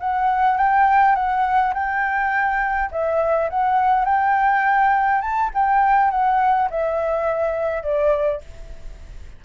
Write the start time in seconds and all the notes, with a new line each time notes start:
0.00 F#5
0.58 G5
1.15 F#5
1.74 G5
2.92 E5
3.50 F#5
4.05 G5
5.22 A5
5.54 G5
6.11 F#5
6.70 E5
7.83 D5